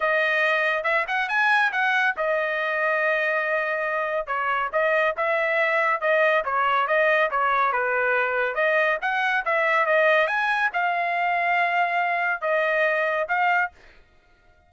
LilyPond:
\new Staff \with { instrumentName = "trumpet" } { \time 4/4 \tempo 4 = 140 dis''2 e''8 fis''8 gis''4 | fis''4 dis''2.~ | dis''2 cis''4 dis''4 | e''2 dis''4 cis''4 |
dis''4 cis''4 b'2 | dis''4 fis''4 e''4 dis''4 | gis''4 f''2.~ | f''4 dis''2 f''4 | }